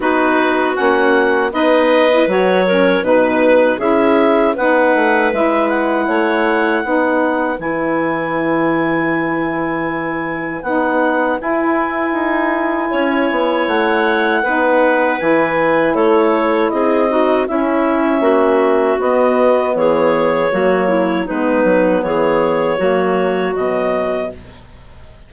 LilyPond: <<
  \new Staff \with { instrumentName = "clarinet" } { \time 4/4 \tempo 4 = 79 b'4 fis''4 dis''4 cis''4 | b'4 e''4 fis''4 e''8 fis''8~ | fis''2 gis''2~ | gis''2 fis''4 gis''4~ |
gis''2 fis''2 | gis''4 cis''4 dis''4 e''4~ | e''4 dis''4 cis''2 | b'4 cis''2 dis''4 | }
  \new Staff \with { instrumentName = "clarinet" } { \time 4/4 fis'2 b'4. ais'8 | b'4 gis'4 b'2 | cis''4 b'2.~ | b'1~ |
b'4 cis''2 b'4~ | b'4 a'4 gis'8 fis'8 e'4 | fis'2 gis'4 fis'8 e'8 | dis'4 gis'4 fis'2 | }
  \new Staff \with { instrumentName = "saxophone" } { \time 4/4 dis'4 cis'4 dis'8. e'16 fis'8 cis'8 | dis'4 e'4 dis'4 e'4~ | e'4 dis'4 e'2~ | e'2 dis'4 e'4~ |
e'2. dis'4 | e'2~ e'8 dis'8 cis'4~ | cis'4 b2 ais4 | b2 ais4 fis4 | }
  \new Staff \with { instrumentName = "bassoon" } { \time 4/4 b4 ais4 b4 fis4 | b,4 cis'4 b8 a8 gis4 | a4 b4 e2~ | e2 b4 e'4 |
dis'4 cis'8 b8 a4 b4 | e4 a4 c'4 cis'4 | ais4 b4 e4 fis4 | gis8 fis8 e4 fis4 b,4 | }
>>